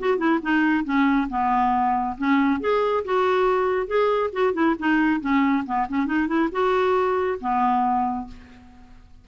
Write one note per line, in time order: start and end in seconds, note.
0.00 0.18 F#4
0.18 0.40 E4
0.42 0.85 D#4
0.85 1.28 C#4
1.30 2.17 B3
2.18 2.61 C#4
2.61 3.04 G#4
3.05 3.87 F#4
3.87 4.31 G#4
4.33 4.54 F#4
4.54 4.76 E4
4.79 5.21 D#4
5.21 5.64 C#4
5.66 5.88 B3
5.89 6.07 C#4
6.07 6.28 D#4
6.28 6.49 E4
6.52 7.39 F#4
7.41 8.28 B3